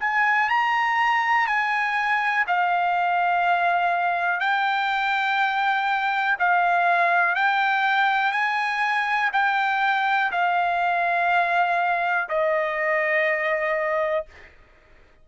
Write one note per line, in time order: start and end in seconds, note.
0.00 0.49 G#5
0.50 1.47 A#5
1.47 2.45 G#5
2.48 4.40 F5
4.40 6.37 G5
6.39 7.35 F5
7.35 8.32 G5
8.32 9.31 G#5
9.33 10.31 G5
10.32 12.29 F5
12.29 14.26 D#5